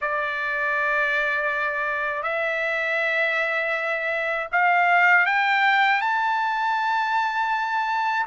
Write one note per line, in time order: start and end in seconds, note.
0.01 2.23 D5
2.23 4.48 E5
4.52 5.26 F5
5.26 6.01 G5
6.01 8.26 A5